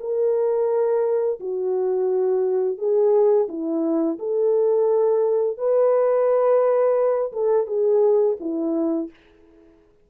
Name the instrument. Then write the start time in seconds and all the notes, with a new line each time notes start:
horn
0.00 A#4
1.40 F#4
2.78 G#4
3.49 E4
4.19 A4
5.58 B4
7.33 A4
7.67 G#4
8.40 E4